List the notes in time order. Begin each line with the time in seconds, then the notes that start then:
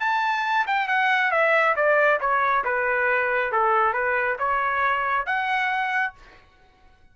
0.00 A5
0.67 G5
0.88 F#5
1.31 E5
1.76 D5
2.20 C#5
2.64 B4
3.52 A4
3.93 B4
4.39 C#5
5.26 F#5